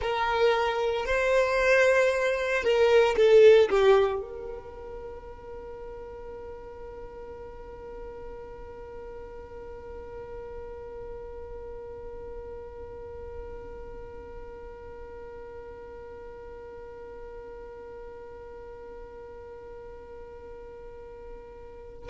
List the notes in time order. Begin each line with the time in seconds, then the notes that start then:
0.00 A#4
1.05 C5
2.63 A#4
3.16 A4
3.69 G4
4.21 A#4